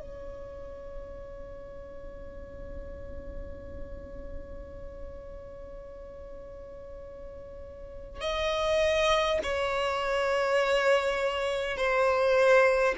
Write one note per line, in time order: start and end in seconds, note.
0.00 8.21 C#5
8.21 9.39 D#5
9.43 11.77 C#5
11.77 12.95 C5